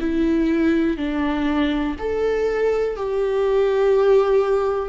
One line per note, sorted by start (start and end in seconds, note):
0.00 0.97 E4
0.97 1.96 D4
1.99 2.97 A4
2.97 4.90 G4